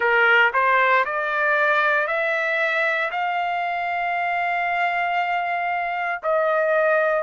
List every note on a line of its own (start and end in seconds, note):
0.00 0.51 A#4
0.53 1.04 C5
1.05 2.07 D5
2.07 3.10 E5
3.11 6.21 F5
6.23 7.23 D#5